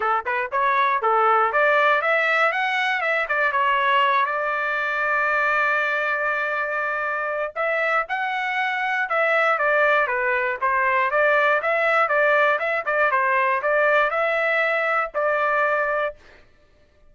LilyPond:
\new Staff \with { instrumentName = "trumpet" } { \time 4/4 \tempo 4 = 119 a'8 b'8 cis''4 a'4 d''4 | e''4 fis''4 e''8 d''8 cis''4~ | cis''8 d''2.~ d''8~ | d''2. e''4 |
fis''2 e''4 d''4 | b'4 c''4 d''4 e''4 | d''4 e''8 d''8 c''4 d''4 | e''2 d''2 | }